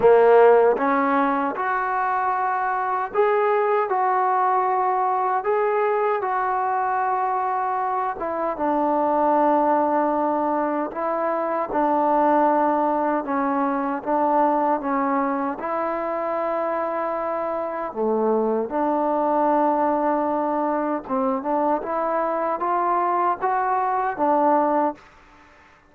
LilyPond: \new Staff \with { instrumentName = "trombone" } { \time 4/4 \tempo 4 = 77 ais4 cis'4 fis'2 | gis'4 fis'2 gis'4 | fis'2~ fis'8 e'8 d'4~ | d'2 e'4 d'4~ |
d'4 cis'4 d'4 cis'4 | e'2. a4 | d'2. c'8 d'8 | e'4 f'4 fis'4 d'4 | }